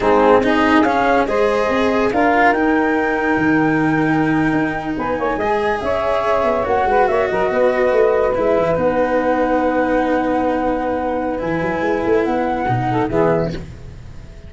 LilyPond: <<
  \new Staff \with { instrumentName = "flute" } { \time 4/4 \tempo 4 = 142 gis'4 dis''4 f''4 dis''4~ | dis''4 f''4 g''2~ | g''2.~ g''8. gis''16~ | gis''4.~ gis''16 e''2 fis''16~ |
fis''8. e''8 dis''2~ dis''8 e''16~ | e''8. fis''2.~ fis''16~ | fis''2. gis''4~ | gis''4 fis''2 e''4 | }
  \new Staff \with { instrumentName = "saxophone" } { \time 4/4 dis'4 gis'2 c''4~ | c''4 ais'2.~ | ais'2.~ ais'8. b'16~ | b'16 cis''8 dis''4 cis''2~ cis''16~ |
cis''16 b'8 cis''8 ais'8 b'2~ b'16~ | b'1~ | b'1~ | b'2~ b'8 a'8 gis'4 | }
  \new Staff \with { instrumentName = "cello" } { \time 4/4 c'4 dis'4 cis'4 gis'4~ | gis'4 f'4 dis'2~ | dis'1~ | dis'8. gis'2. fis'16~ |
fis'2.~ fis'8. e'16~ | e'8. dis'2.~ dis'16~ | dis'2. e'4~ | e'2 dis'4 b4 | }
  \new Staff \with { instrumentName = "tuba" } { \time 4/4 gis4 c'4 cis'4 gis4 | c'4 d'4 dis'2 | dis2~ dis8. dis'4 b16~ | b16 ais8 gis4 cis'4. b8 ais16~ |
ais16 gis8 ais8 fis8 b4 a4 gis16~ | gis16 e8 b2.~ b16~ | b2. e8 fis8 | gis8 a8 b4 b,4 e4 | }
>>